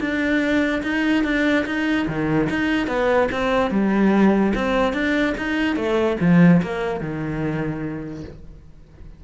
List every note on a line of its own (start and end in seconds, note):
0.00 0.82 D4
0.83 1.24 D#4
1.24 1.65 D4
1.66 2.07 D#4
2.08 2.49 D#3
2.50 2.87 D#4
2.87 3.29 B3
3.32 3.71 C4
3.71 4.53 G3
4.55 4.93 C4
4.93 5.34 D4
5.38 5.76 D#4
5.76 6.17 A3
6.21 6.62 F3
6.62 7.00 A#3
7.00 8.24 D#3